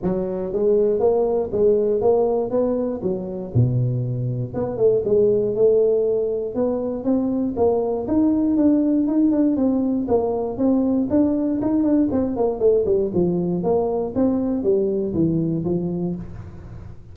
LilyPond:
\new Staff \with { instrumentName = "tuba" } { \time 4/4 \tempo 4 = 119 fis4 gis4 ais4 gis4 | ais4 b4 fis4 b,4~ | b,4 b8 a8 gis4 a4~ | a4 b4 c'4 ais4 |
dis'4 d'4 dis'8 d'8 c'4 | ais4 c'4 d'4 dis'8 d'8 | c'8 ais8 a8 g8 f4 ais4 | c'4 g4 e4 f4 | }